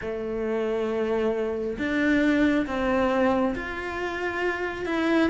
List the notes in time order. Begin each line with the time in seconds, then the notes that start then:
0.01 A3
1.78 D4
2.66 C4
3.55 F4
4.85 E4